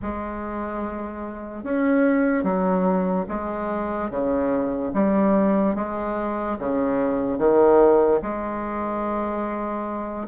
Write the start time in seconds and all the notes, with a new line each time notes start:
0.01 G#3
1.63 C#4
2.43 F#3
3.28 G#3
4.10 C#3
4.93 G3
5.75 G#3
6.58 C#3
7.38 D#3
8.22 G#3